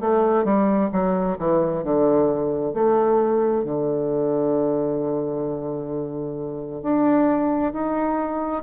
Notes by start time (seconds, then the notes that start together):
0.00 A3
0.44 G3
0.92 F#3
1.38 E3
1.83 D3
2.73 A3
3.64 D3
6.82 D4
7.72 D#4